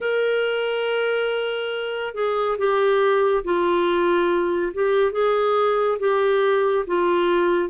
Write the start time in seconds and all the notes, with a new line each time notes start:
0.00 A#4
2.14 G#4
2.58 G4
3.44 F4
4.73 G4
5.12 G#4
5.99 G4
6.86 F4